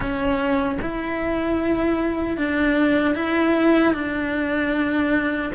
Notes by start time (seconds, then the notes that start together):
0.00 C#4
0.81 E4
2.37 D4
3.14 E4
3.93 D4